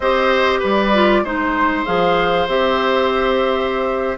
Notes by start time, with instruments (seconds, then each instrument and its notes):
0.00 bassoon C4, clarinet G4, oboe C5, flute D#5
0.59 bassoon G3, oboe B4, flute D5
0.94 clarinet F4
1.23 bassoon G#3, clarinet D#4, oboe C5, flute C5
1.85 bassoon F3, clarinet G#4, flute F5
2.47 bassoon C4, clarinet G4, flute E5